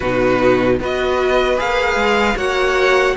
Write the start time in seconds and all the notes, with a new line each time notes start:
0.00 B2 D#4 F#4 B4
0.79 B3 F#4 B4 D#5
1.57 A#3 G#4 F5
1.95 G#3
2.36 A#3 F#4 C#5 F#5